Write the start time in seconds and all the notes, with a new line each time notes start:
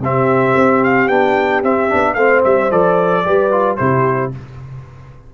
0.00 C3 C4 G4 E5
0.56 C4
0.84 F5
1.08 B3 D4 G5
1.63 C4 E5
1.89 B3 D4
2.14 A3 C4 C5 F5
2.44 G3 E5
2.71 F3 A4 D5
3.25 G3 G4 B4
3.52 F4
3.77 C3 E4 G4 C5